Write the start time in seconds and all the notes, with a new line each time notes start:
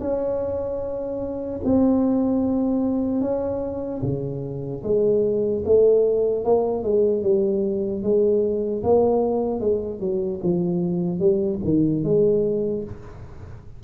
0.00 C#4
1.65 C4
3.21 C#4
4.03 C#3
4.83 G#3
5.65 A3
6.44 A#3
6.83 G#3
7.23 G3
8.03 G#3
8.83 A#3
9.60 G#3
10.00 F#3
10.44 F3
11.20 G3
11.64 D#3
12.04 G#3